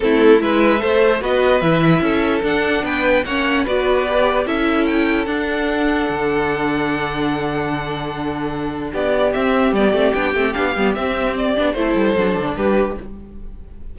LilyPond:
<<
  \new Staff \with { instrumentName = "violin" } { \time 4/4 \tempo 4 = 148 a'4 e''2 dis''4 | e''2 fis''4 g''4 | fis''4 d''2 e''4 | g''4 fis''2.~ |
fis''1~ | fis''2 d''4 e''4 | d''4 g''4 f''4 e''4 | d''4 c''2 b'4 | }
  \new Staff \with { instrumentName = "violin" } { \time 4/4 e'4 b'4 c''4 b'4~ | b'4 a'2 b'4 | cis''4 b'2 a'4~ | a'1~ |
a'1~ | a'2 g'2~ | g'1~ | g'4 a'2 g'4 | }
  \new Staff \with { instrumentName = "viola" } { \time 4/4 c'4 e'4 a'4 fis'4 | e'2 d'2 | cis'4 fis'4 g'4 e'4~ | e'4 d'2.~ |
d'1~ | d'2. c'4 | b8 c'8 d'8 c'8 d'8 b8 c'4~ | c'8 d'8 e'4 d'2 | }
  \new Staff \with { instrumentName = "cello" } { \time 4/4 a4 gis4 a4 b4 | e4 cis'4 d'4 b4 | ais4 b2 cis'4~ | cis'4 d'2 d4~ |
d1~ | d2 b4 c'4 | g8 a8 b8 a8 b8 g8 c'4~ | c'8 b8 a8 g8 fis8 d8 g4 | }
>>